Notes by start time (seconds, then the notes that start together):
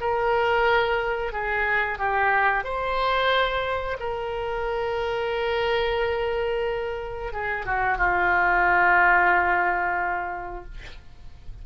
0.00 A#4
1.32 G#4
1.98 G4
2.64 C5
3.99 A#4
7.32 G#4
7.65 F#4
7.97 F4